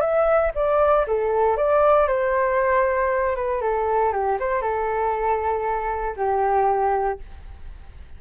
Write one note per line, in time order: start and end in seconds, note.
0.00 0.51 E5
0.55 1.06 D5
1.07 1.56 A4
1.56 2.07 D5
2.07 3.35 C5
3.35 3.61 B4
3.61 4.12 A4
4.12 4.38 G4
4.39 4.61 C5
4.61 6.15 A4
6.16 7.18 G4